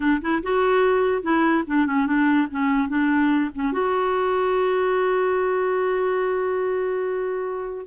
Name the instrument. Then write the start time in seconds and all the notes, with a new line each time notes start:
clarinet
0.00 D4
0.21 E4
0.42 F#4
1.22 E4
1.66 D4
1.86 C#4
2.06 D4
2.50 C#4
2.88 D4
3.54 C#4
3.72 F#4